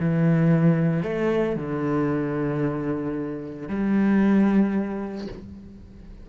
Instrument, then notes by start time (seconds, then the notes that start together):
cello
0.00 E3
1.03 A3
1.56 D3
3.68 G3